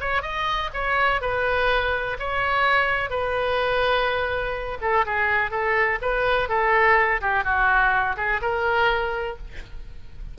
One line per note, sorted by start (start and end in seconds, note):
0.00 0.22 C#5
0.22 0.70 D#5
0.74 1.21 C#5
1.21 2.17 B4
2.19 3.10 C#5
3.10 4.78 B4
4.81 5.05 A4
5.05 5.51 G#4
5.51 5.99 A4
6.01 6.48 B4
6.48 7.20 A4
7.21 7.44 G4
7.44 8.16 F#4
8.17 8.41 G#4
8.42 9.38 A#4